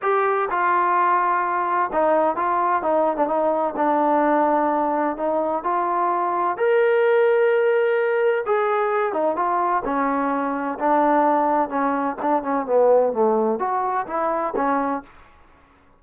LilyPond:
\new Staff \with { instrumentName = "trombone" } { \time 4/4 \tempo 4 = 128 g'4 f'2. | dis'4 f'4 dis'8. d'16 dis'4 | d'2. dis'4 | f'2 ais'2~ |
ais'2 gis'4. dis'8 | f'4 cis'2 d'4~ | d'4 cis'4 d'8 cis'8 b4 | a4 fis'4 e'4 cis'4 | }